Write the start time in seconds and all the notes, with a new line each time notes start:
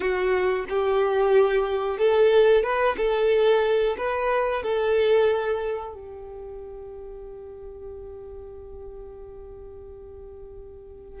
0.00 F#4
0.69 G4
1.98 A4
2.63 B4
2.97 A4
3.97 B4
4.62 A4
5.93 G4